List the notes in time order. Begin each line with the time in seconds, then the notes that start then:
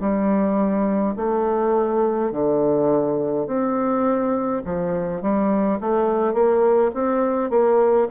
0.00 G3
1.16 A3
2.32 D3
3.47 C4
4.65 F3
5.22 G3
5.81 A3
6.34 A#3
6.94 C4
7.50 A#3